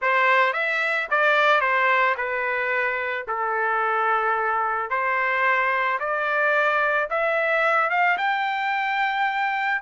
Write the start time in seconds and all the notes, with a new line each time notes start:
0.01 C5
0.53 E5
1.10 D5
1.60 C5
2.17 B4
3.27 A4
4.89 C5
5.99 D5
7.10 E5
7.89 F5
8.17 G5